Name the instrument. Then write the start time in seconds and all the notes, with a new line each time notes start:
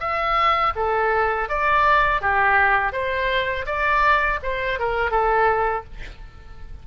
oboe
0.00 E5
0.75 A4
1.49 D5
2.21 G4
2.92 C5
3.66 D5
4.43 C5
4.79 A#4
5.11 A4